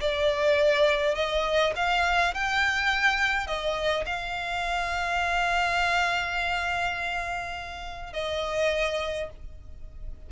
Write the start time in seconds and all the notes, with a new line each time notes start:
0.00 D5
1.15 D#5
1.76 F5
2.34 G5
3.47 D#5
4.06 F5
8.13 D#5